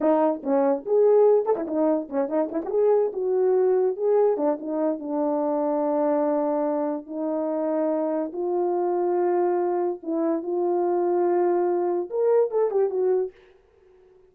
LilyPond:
\new Staff \with { instrumentName = "horn" } { \time 4/4 \tempo 4 = 144 dis'4 cis'4 gis'4. a'16 e'16 | dis'4 cis'8 dis'8 e'16 fis'16 gis'4 fis'8~ | fis'4. gis'4 d'8 dis'4 | d'1~ |
d'4 dis'2. | f'1 | e'4 f'2.~ | f'4 ais'4 a'8 g'8 fis'4 | }